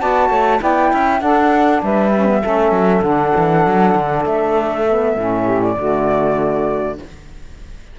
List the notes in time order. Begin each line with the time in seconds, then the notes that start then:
0.00 B3 F#4 D5 A5
0.28 A3 C#5
0.59 B3 E4 D5 G5
0.92 C#4 E5
1.20 D4 A4 F#5
1.83 G3 B4 E5
2.16 C#4
2.26 B3
2.41 A3 C#4 A4
2.72 F#3
3.02 D3 D4 F#5
3.37 E3
3.67 F#3
3.95 D3
4.26 A3 E5
4.89 B3
5.17 A2 C#4
5.44 G4
5.62 D5
5.77 D3 A3 F#4